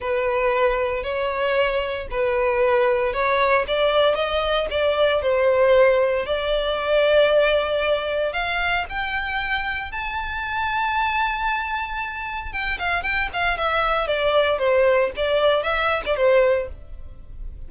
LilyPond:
\new Staff \with { instrumentName = "violin" } { \time 4/4 \tempo 4 = 115 b'2 cis''2 | b'2 cis''4 d''4 | dis''4 d''4 c''2 | d''1 |
f''4 g''2 a''4~ | a''1 | g''8 f''8 g''8 f''8 e''4 d''4 | c''4 d''4 e''8. d''16 c''4 | }